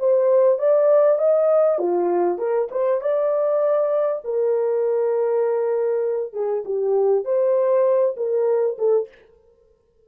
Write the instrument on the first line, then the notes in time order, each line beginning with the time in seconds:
horn
0.00 C5
0.59 D5
1.18 D#5
1.79 F4
2.39 A#4
2.71 C5
3.01 D5
4.25 A#4
6.33 G#4
6.65 G4
7.25 C5
8.17 A#4
8.78 A4